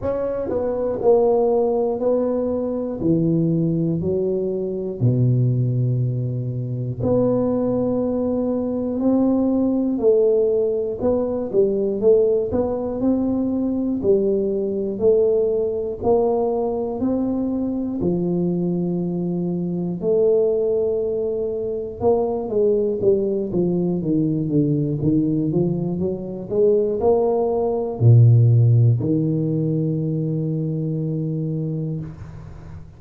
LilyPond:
\new Staff \with { instrumentName = "tuba" } { \time 4/4 \tempo 4 = 60 cis'8 b8 ais4 b4 e4 | fis4 b,2 b4~ | b4 c'4 a4 b8 g8 | a8 b8 c'4 g4 a4 |
ais4 c'4 f2 | a2 ais8 gis8 g8 f8 | dis8 d8 dis8 f8 fis8 gis8 ais4 | ais,4 dis2. | }